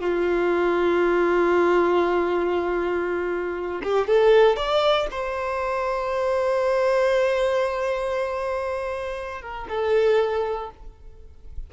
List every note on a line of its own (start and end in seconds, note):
0.00 3.81 F4
3.83 4.07 G4
4.07 4.56 A4
4.56 5.07 D5
5.11 9.42 C5
9.42 9.67 A#4
9.69 10.70 A4